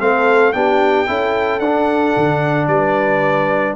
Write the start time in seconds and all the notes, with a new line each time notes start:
0.00 A3 C4 A4 F5
0.53 B3 D4 G4 G5
1.07 C#4 E4 A4
1.60 D4 F#5
2.17 D3
2.68 G3 B4 D5